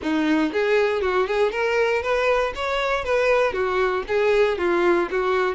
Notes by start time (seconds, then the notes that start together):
0.02 D#4
0.52 G#4
1.01 F#4
1.27 G#4
1.51 A#4
2.02 B4
2.55 C#5
3.04 B4
3.52 F#4
4.07 G#4
4.58 F4
5.10 F#4